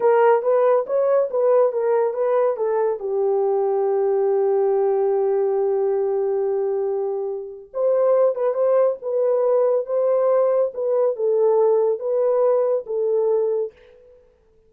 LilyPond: \new Staff \with { instrumentName = "horn" } { \time 4/4 \tempo 4 = 140 ais'4 b'4 cis''4 b'4 | ais'4 b'4 a'4 g'4~ | g'1~ | g'1~ |
g'2 c''4. b'8 | c''4 b'2 c''4~ | c''4 b'4 a'2 | b'2 a'2 | }